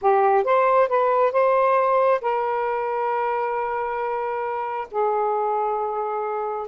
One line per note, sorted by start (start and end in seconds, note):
0.01 0.44 G4
0.44 0.88 C5
0.88 1.32 B4
1.32 2.20 C5
2.21 4.87 A#4
4.91 6.67 G#4